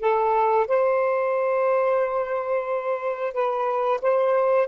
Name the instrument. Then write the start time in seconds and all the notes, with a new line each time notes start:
saxophone
0.00 A4
0.68 C5
3.34 B4
4.02 C5